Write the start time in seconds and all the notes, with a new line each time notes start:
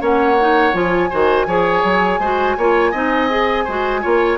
0.00 A#3 C#4 C#5 F#5
0.40 D#4
0.73 F3 F4 G#5
1.10 D#3 F#4 C5
1.46 F3 G#4 C#5
1.84 F#3
2.19 G#3 F#4 C5
2.57 A#3 F4 C#5
2.91 C4 D#4 D#5
3.29 G#4
3.64 G#3 F#4 C5
4.01 A#3 F4 C#5